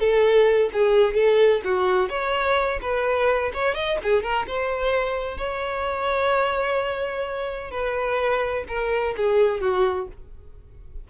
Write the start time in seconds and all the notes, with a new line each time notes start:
0.00 A4
0.73 G#4
1.14 A4
1.65 F#4
2.09 C#5
2.82 B4
3.54 C#5
3.75 D#5
4.04 G#4
4.23 A#4
4.47 C5
5.38 C#5
7.71 B4
8.68 A#4
9.17 G#4
9.61 F#4